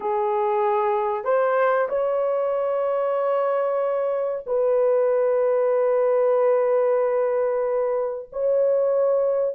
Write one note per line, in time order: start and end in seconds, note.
0.00 1.24 G#4
1.24 1.88 C5
1.89 4.44 C#5
4.46 8.29 B4
8.32 9.55 C#5